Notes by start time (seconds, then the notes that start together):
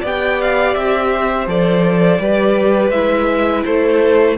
0.00 B3 G4 D5
0.06 G5
0.41 F5
0.74 C4 E5
1.12 C5
1.47 F3 A4 D5
2.19 G3 G4 B4
2.90 G#3 E4 E5
3.65 A3 A4 C5